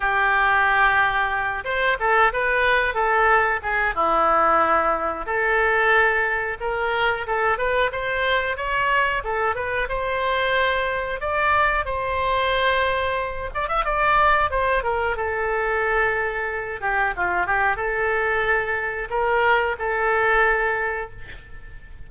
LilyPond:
\new Staff \with { instrumentName = "oboe" } { \time 4/4 \tempo 4 = 91 g'2~ g'8 c''8 a'8 b'8~ | b'8 a'4 gis'8 e'2 | a'2 ais'4 a'8 b'8 | c''4 cis''4 a'8 b'8 c''4~ |
c''4 d''4 c''2~ | c''8 d''16 e''16 d''4 c''8 ais'8 a'4~ | a'4. g'8 f'8 g'8 a'4~ | a'4 ais'4 a'2 | }